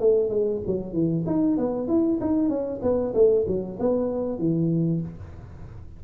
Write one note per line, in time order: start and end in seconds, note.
0.00 0.30 A3
0.30 0.61 G#3
0.67 0.93 F#3
0.93 1.25 E3
1.27 1.58 D#4
1.58 1.88 B3
1.88 2.20 E4
2.21 2.49 D#4
2.49 2.80 C#4
2.83 3.14 B3
3.14 3.45 A3
3.48 3.79 F#3
3.80 4.39 B3
4.39 5.01 E3